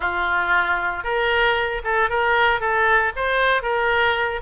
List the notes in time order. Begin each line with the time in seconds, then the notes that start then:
0.00 F4
1.03 A#4
1.84 A4
2.09 A#4
2.60 A4
3.16 C5
3.62 A#4